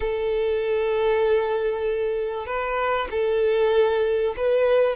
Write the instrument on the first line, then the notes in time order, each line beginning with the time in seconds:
violin
0.00 A4
2.46 B4
3.11 A4
4.37 B4